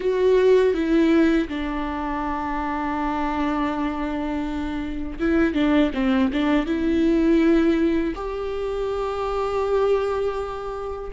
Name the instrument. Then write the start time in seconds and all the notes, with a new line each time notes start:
viola
0.00 F#4
0.74 E4
1.48 D4
5.19 E4
5.54 D4
5.94 C4
6.32 D4
6.65 E4
8.15 G4